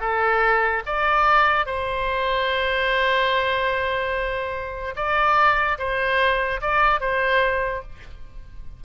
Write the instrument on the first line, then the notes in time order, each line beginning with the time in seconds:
oboe
0.00 A4
0.86 D5
1.66 C5
4.95 D5
5.78 C5
6.61 D5
7.00 C5